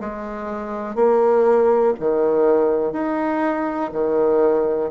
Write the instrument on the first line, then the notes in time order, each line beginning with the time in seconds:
bassoon
0.00 G#3
0.95 A#3
1.99 D#3
2.92 D#4
3.93 D#3